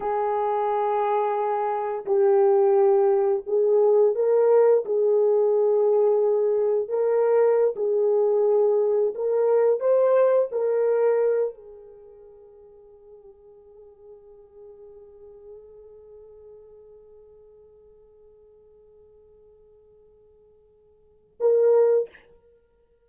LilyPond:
\new Staff \with { instrumentName = "horn" } { \time 4/4 \tempo 4 = 87 gis'2. g'4~ | g'4 gis'4 ais'4 gis'4~ | gis'2 ais'4~ ais'16 gis'8.~ | gis'4~ gis'16 ais'4 c''4 ais'8.~ |
ais'8. gis'2.~ gis'16~ | gis'1~ | gis'1~ | gis'2. ais'4 | }